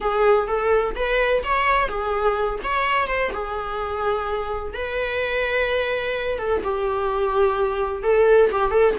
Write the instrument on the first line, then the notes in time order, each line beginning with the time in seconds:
viola
0.00 G#4
0.47 A4
0.95 B4
1.43 C#5
1.88 G#4
2.63 C#5
3.07 C5
3.33 G#4
4.73 B4
6.38 A4
6.63 G4
8.03 A4
8.51 G4
8.70 A4